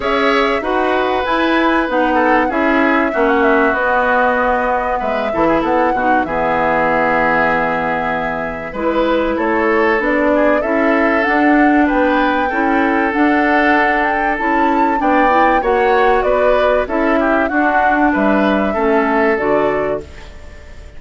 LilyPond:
<<
  \new Staff \with { instrumentName = "flute" } { \time 4/4 \tempo 4 = 96 e''4 fis''4 gis''4 fis''4 | e''4~ e''16 fis''16 e''8 dis''2 | e''4 fis''4 e''2~ | e''2 b'4 cis''4 |
d''4 e''4 fis''4 g''4~ | g''4 fis''4. g''8 a''4 | g''4 fis''4 d''4 e''4 | fis''4 e''2 d''4 | }
  \new Staff \with { instrumentName = "oboe" } { \time 4/4 cis''4 b'2~ b'8 a'8 | gis'4 fis'2. | b'8 a'16 gis'16 a'8 fis'8 gis'2~ | gis'2 b'4 a'4~ |
a'8 gis'8 a'2 b'4 | a'1 | d''4 cis''4 b'4 a'8 g'8 | fis'4 b'4 a'2 | }
  \new Staff \with { instrumentName = "clarinet" } { \time 4/4 gis'4 fis'4 e'4 dis'4 | e'4 cis'4 b2~ | b8 e'4 dis'8 b2~ | b2 e'2 |
d'4 e'4 d'2 | e'4 d'2 e'4 | d'8 e'8 fis'2 e'4 | d'2 cis'4 fis'4 | }
  \new Staff \with { instrumentName = "bassoon" } { \time 4/4 cis'4 dis'4 e'4 b4 | cis'4 ais4 b2 | gis8 e8 b8 b,8 e2~ | e2 gis4 a4 |
b4 cis'4 d'4 b4 | cis'4 d'2 cis'4 | b4 ais4 b4 cis'4 | d'4 g4 a4 d4 | }
>>